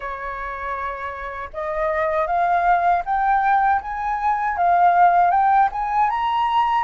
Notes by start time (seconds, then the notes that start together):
0.00 C#5
1.53 D#5
2.26 F5
3.05 G5
3.81 G#5
4.57 F5
5.30 G5
5.72 G#5
6.10 A#5